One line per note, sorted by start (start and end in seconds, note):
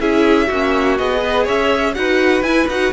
0.00 0.49 C#4
0.00 0.50 E4
0.00 0.47 G#4
0.00 0.98 E5
0.47 0.99 A#3
0.47 0.98 C#4
0.47 1.21 F#4
0.98 1.48 B3
0.98 1.95 G#4
0.98 1.46 D#5
1.21 1.44 B4
1.44 1.97 C#4
1.44 1.93 C#5
1.44 1.95 E5
1.95 2.42 D#4
1.95 2.44 F#4
1.95 2.94 B4
1.95 2.43 F#5
2.42 2.67 E4
2.42 2.70 E4
2.42 2.67 G#5
2.68 2.92 D#4
2.68 2.94 F#4
2.68 2.94 F#5